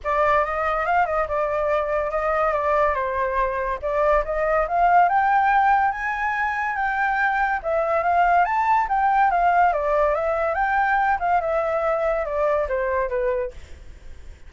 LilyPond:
\new Staff \with { instrumentName = "flute" } { \time 4/4 \tempo 4 = 142 d''4 dis''4 f''8 dis''8 d''4~ | d''4 dis''4 d''4 c''4~ | c''4 d''4 dis''4 f''4 | g''2 gis''2 |
g''2 e''4 f''4 | a''4 g''4 f''4 d''4 | e''4 g''4. f''8 e''4~ | e''4 d''4 c''4 b'4 | }